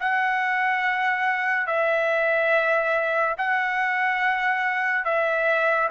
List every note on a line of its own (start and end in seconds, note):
0.00 1.67 F#5
1.67 3.36 E5
3.37 5.05 F#5
5.05 5.89 E5